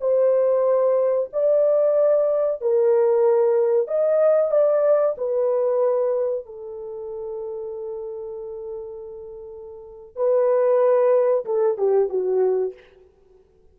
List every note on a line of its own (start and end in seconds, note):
0.00 1.29 C5
1.32 2.61 D5
2.61 3.87 A#4
3.87 4.51 D#5
4.51 5.15 D5
5.17 6.45 B4
6.45 10.16 A4
10.16 11.45 B4
11.45 11.77 A4
11.77 12.09 G4
12.09 12.73 F#4